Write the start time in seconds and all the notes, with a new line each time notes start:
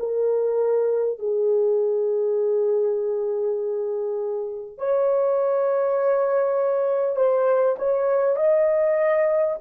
0.00 A#4
1.19 G#4
4.79 C#5
7.17 C5
7.79 C#5
8.37 D#5